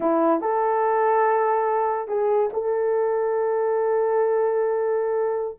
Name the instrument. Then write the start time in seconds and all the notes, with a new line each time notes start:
horn
0.00 E4
0.40 A4
2.08 G#4
2.53 A4